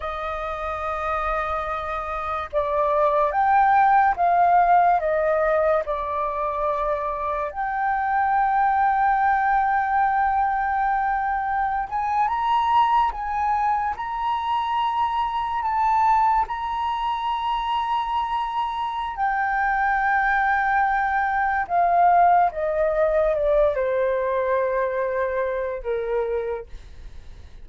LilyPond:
\new Staff \with { instrumentName = "flute" } { \time 4/4 \tempo 4 = 72 dis''2. d''4 | g''4 f''4 dis''4 d''4~ | d''4 g''2.~ | g''2~ g''16 gis''8 ais''4 gis''16~ |
gis''8. ais''2 a''4 ais''16~ | ais''2. g''4~ | g''2 f''4 dis''4 | d''8 c''2~ c''8 ais'4 | }